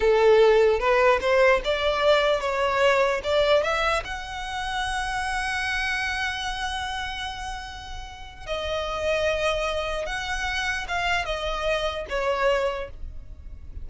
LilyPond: \new Staff \with { instrumentName = "violin" } { \time 4/4 \tempo 4 = 149 a'2 b'4 c''4 | d''2 cis''2 | d''4 e''4 fis''2~ | fis''1~ |
fis''1~ | fis''4 dis''2.~ | dis''4 fis''2 f''4 | dis''2 cis''2 | }